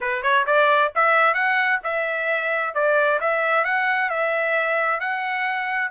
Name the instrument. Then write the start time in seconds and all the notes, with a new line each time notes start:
trumpet
0.00 B4
0.22 C#5
0.46 D5
0.95 E5
1.33 F#5
1.83 E5
2.74 D5
3.20 E5
3.64 F#5
4.09 E5
5.00 F#5